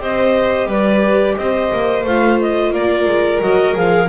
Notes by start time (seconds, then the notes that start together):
0.00 C4 G4 C5 D#5
0.66 G3 B4 D5
1.37 C4 C5 D#5
1.73 A#3
2.04 A3 F4 F5
2.41 D#5
2.73 A#3 A#4 D5
3.06 G#3
3.42 F#3 F#4 D#5
3.74 F3 G#4 F5